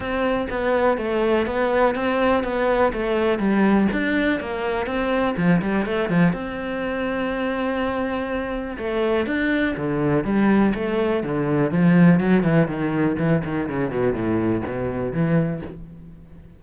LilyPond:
\new Staff \with { instrumentName = "cello" } { \time 4/4 \tempo 4 = 123 c'4 b4 a4 b4 | c'4 b4 a4 g4 | d'4 ais4 c'4 f8 g8 | a8 f8 c'2.~ |
c'2 a4 d'4 | d4 g4 a4 d4 | f4 fis8 e8 dis4 e8 dis8 | cis8 b,8 a,4 b,4 e4 | }